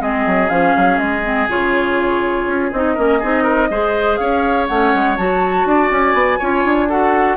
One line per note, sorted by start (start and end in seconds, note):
0.00 0.25 G#3
0.00 0.48 C4
0.00 2.94 G#4
0.00 0.49 D#5
0.26 0.50 F#3
0.48 0.74 F3
0.48 1.22 C#4
0.48 0.98 F5
0.76 0.98 F#3
0.98 1.47 G#3
0.98 1.47 D#5
1.23 1.48 C4
1.49 2.46 C#3
1.49 2.72 F4
1.49 2.72 C#5
2.46 2.71 C#4
2.72 2.97 C4
2.72 2.96 D#4
2.72 4.16 D#5
2.94 3.22 A#3
2.94 3.21 C#4
2.94 3.18 A#4
3.19 3.70 C4
3.19 3.70 D#4
3.19 3.43 G#4
3.43 3.68 A#4
3.70 4.19 G#3
3.70 4.69 G#4
3.70 4.20 C5
4.16 4.69 C#4
4.16 5.67 C#5
4.16 4.65 F5
4.67 4.94 A3
4.67 5.17 C#4
4.67 5.16 F#5
4.94 5.17 G#3
5.17 5.65 F#3
5.17 6.40 F#4
5.17 5.90 A5
5.65 5.90 D4
5.65 6.39 D5
5.91 6.14 C#4
5.91 6.90 G#5
6.14 6.38 B3
6.39 6.64 C#4
6.39 6.89 F4
6.39 6.88 C#5
6.64 7.37 D4
6.89 7.37 F#4
6.89 7.37 A4
6.89 7.37 F#5